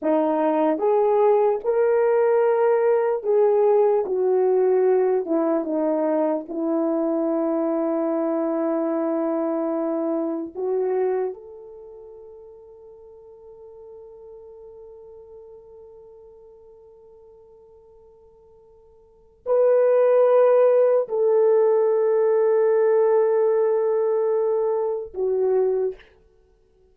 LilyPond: \new Staff \with { instrumentName = "horn" } { \time 4/4 \tempo 4 = 74 dis'4 gis'4 ais'2 | gis'4 fis'4. e'8 dis'4 | e'1~ | e'4 fis'4 a'2~ |
a'1~ | a'1 | b'2 a'2~ | a'2. fis'4 | }